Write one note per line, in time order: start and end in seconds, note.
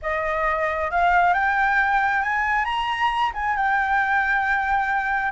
0.02 0.91 D#5
0.91 1.33 F5
1.33 2.22 G5
2.22 2.64 G#5
2.64 3.31 A#5
3.34 3.56 G#5
3.56 5.31 G5